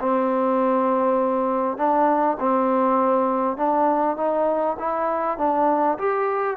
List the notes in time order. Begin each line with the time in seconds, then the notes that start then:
0.00 C4
1.78 D4
2.40 C4
3.58 D4
4.17 D#4
4.79 E4
5.38 D4
5.99 G4